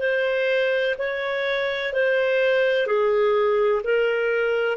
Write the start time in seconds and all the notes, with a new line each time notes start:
0.00 C5
0.99 C#5
1.93 C5
2.87 G#4
3.84 A#4